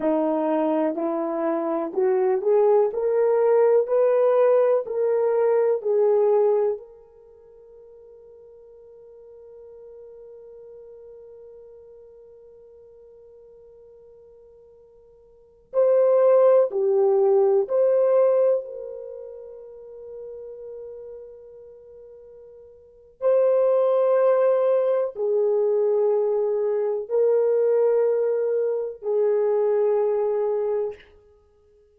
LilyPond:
\new Staff \with { instrumentName = "horn" } { \time 4/4 \tempo 4 = 62 dis'4 e'4 fis'8 gis'8 ais'4 | b'4 ais'4 gis'4 ais'4~ | ais'1~ | ais'1~ |
ais'16 c''4 g'4 c''4 ais'8.~ | ais'1 | c''2 gis'2 | ais'2 gis'2 | }